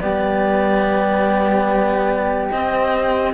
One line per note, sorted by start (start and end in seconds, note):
0.00 2.53 G3
0.00 2.50 B3
0.00 3.34 G4
0.00 2.50 D5
2.50 3.34 C4
2.50 3.33 D#5